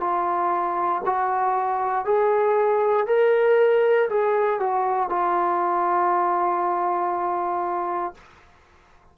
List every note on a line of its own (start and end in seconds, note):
0.00 1.02 F4
1.05 2.05 F#4
2.05 3.06 G#4
3.06 4.08 A#4
4.09 4.59 G#4
4.59 5.09 F#4
5.09 8.14 F4